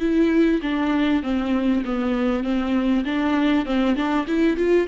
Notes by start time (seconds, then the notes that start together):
0.00 E4
0.62 D4
1.23 C4
1.84 B3
2.44 C4
3.05 D4
3.65 C4
3.96 D4
4.27 E4
4.56 F4